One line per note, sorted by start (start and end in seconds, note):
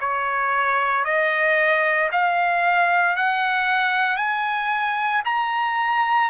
0.00 1.04 C#5
1.04 2.10 D#5
2.12 3.16 F5
3.16 4.17 F#5
4.17 5.22 G#5
5.25 6.30 A#5